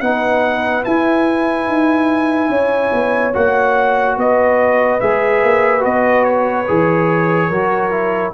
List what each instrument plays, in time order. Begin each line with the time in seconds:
0.00 tuba B3, trombone D#4, horn B4, trumpet F#5
0.83 trombone E4, tuba E4, trumpet G#5
1.67 tuba D#4
2.49 tuba C#4, horn C#5
2.92 tuba B3
3.33 tuba A#3, trombone F#4, trumpet F#5
4.16 tuba B3, horn B4, trumpet D#5
5.00 tuba G#3, trombone G#4, trumpet E5
5.43 tuba A#3
5.80 tuba B3, trombone F#4, trumpet D#5
6.24 trumpet C#5
6.67 tuba E3, trombone G#4
7.48 tuba F#3, trombone F#4, horn A#4
7.90 trombone E4